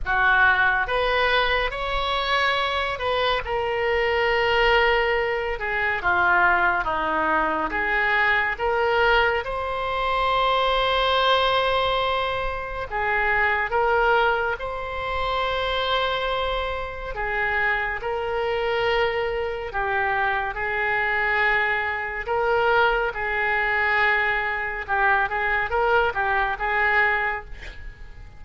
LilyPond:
\new Staff \with { instrumentName = "oboe" } { \time 4/4 \tempo 4 = 70 fis'4 b'4 cis''4. b'8 | ais'2~ ais'8 gis'8 f'4 | dis'4 gis'4 ais'4 c''4~ | c''2. gis'4 |
ais'4 c''2. | gis'4 ais'2 g'4 | gis'2 ais'4 gis'4~ | gis'4 g'8 gis'8 ais'8 g'8 gis'4 | }